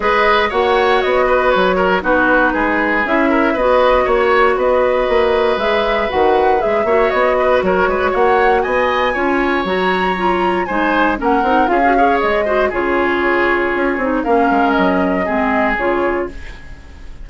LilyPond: <<
  \new Staff \with { instrumentName = "flute" } { \time 4/4 \tempo 4 = 118 dis''4 fis''4 dis''4 cis''4 | b'2 e''4 dis''4 | cis''4 dis''2 e''4 | fis''4 e''4 dis''4 cis''4 |
fis''4 gis''2 ais''4~ | ais''4 gis''4 fis''4 f''4 | dis''4 cis''2. | f''4 dis''2 cis''4 | }
  \new Staff \with { instrumentName = "oboe" } { \time 4/4 b'4 cis''4. b'4 ais'8 | fis'4 gis'4. ais'8 b'4 | cis''4 b'2.~ | b'4. cis''4 b'8 ais'8 b'8 |
cis''4 dis''4 cis''2~ | cis''4 c''4 ais'4 gis'8 cis''8~ | cis''8 c''8 gis'2. | ais'2 gis'2 | }
  \new Staff \with { instrumentName = "clarinet" } { \time 4/4 gis'4 fis'2. | dis'2 e'4 fis'4~ | fis'2. gis'4 | fis'4 gis'8 fis'2~ fis'8~ |
fis'2 f'4 fis'4 | f'4 dis'4 cis'8 dis'8 f'16 fis'16 gis'8~ | gis'8 fis'8 f'2~ f'8 dis'8 | cis'2 c'4 f'4 | }
  \new Staff \with { instrumentName = "bassoon" } { \time 4/4 gis4 ais4 b4 fis4 | b4 gis4 cis'4 b4 | ais4 b4 ais4 gis4 | dis4 gis8 ais8 b4 fis8 gis8 |
ais4 b4 cis'4 fis4~ | fis4 gis4 ais8 c'8 cis'4 | gis4 cis2 cis'8 c'8 | ais8 gis8 fis4 gis4 cis4 | }
>>